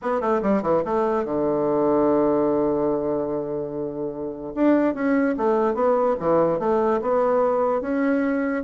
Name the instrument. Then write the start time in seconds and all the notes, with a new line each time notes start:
bassoon
0.02 B3
0.20 A3
0.41 G3
0.62 E3
0.84 A3
1.24 D3
4.54 D4
4.94 C#4
5.37 A3
5.74 B3
6.19 E3
6.59 A3
7.01 B3
7.81 C#4